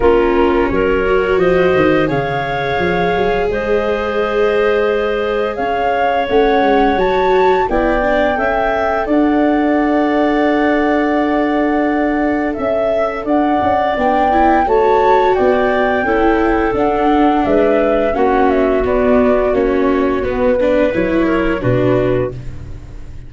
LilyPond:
<<
  \new Staff \with { instrumentName = "flute" } { \time 4/4 \tempo 4 = 86 ais'4 cis''4 dis''4 f''4~ | f''4 dis''2. | f''4 fis''4 a''4 g''4~ | g''4 fis''2.~ |
fis''2 e''4 fis''4 | g''4 a''4 g''2 | fis''4 e''4 fis''8 e''8 d''4 | cis''4 b'4 cis''4 b'4 | }
  \new Staff \with { instrumentName = "clarinet" } { \time 4/4 f'4 ais'4 c''4 cis''4~ | cis''4 c''2. | cis''2. d''4 | e''4 d''2.~ |
d''2 e''4 d''4~ | d''4 cis''4 d''4 a'4~ | a'4 b'4 fis'2~ | fis'4. b'4 ais'8 fis'4 | }
  \new Staff \with { instrumentName = "viola" } { \time 4/4 cis'4. fis'4. gis'4~ | gis'1~ | gis'4 cis'4 fis'4 e'8 d'8 | a'1~ |
a'1 | d'8 e'8 fis'2 e'4 | d'2 cis'4 b4 | cis'4 b8 d'8 e'4 d'4 | }
  \new Staff \with { instrumentName = "tuba" } { \time 4/4 ais4 fis4 f8 dis8 cis4 | f8 fis8 gis2. | cis'4 a8 gis8 fis4 b4 | cis'4 d'2.~ |
d'2 cis'4 d'8 cis'8 | b4 a4 b4 cis'4 | d'4 gis4 ais4 b4 | ais4 b4 fis4 b,4 | }
>>